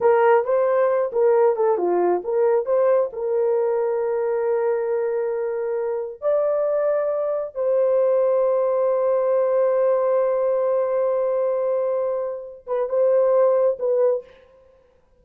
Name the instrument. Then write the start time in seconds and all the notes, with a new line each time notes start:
horn
0.00 A#4
0.44 C5
1.12 A#4
1.56 A4
1.77 F4
2.24 A#4
2.65 C5
3.12 A#4
6.21 D5
7.54 C5
12.66 B4
12.89 C5
13.79 B4